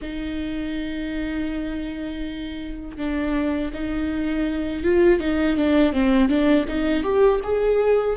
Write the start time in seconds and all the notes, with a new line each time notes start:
0.01 D#4
2.97 D4
3.73 D#4
4.83 F4
5.20 D#4
5.56 D4
5.93 C4
6.28 D4
6.68 D#4
7.03 G4
7.43 G#4